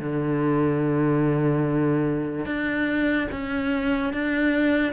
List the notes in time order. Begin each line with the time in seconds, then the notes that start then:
0.00 D3
2.45 D4
3.32 C#4
4.13 D4